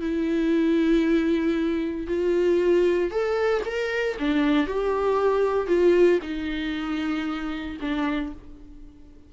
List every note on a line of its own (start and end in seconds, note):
0.00 2.07 E4
2.07 3.10 F4
3.10 3.62 A4
3.65 4.17 A#4
4.18 4.66 D4
4.66 5.67 G4
5.67 6.19 F4
6.22 7.77 D#4
7.81 8.32 D4